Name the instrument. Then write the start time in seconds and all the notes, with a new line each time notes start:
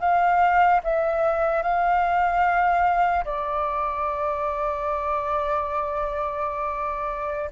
flute
0.00 F5
0.84 E5
1.63 F5
3.25 D5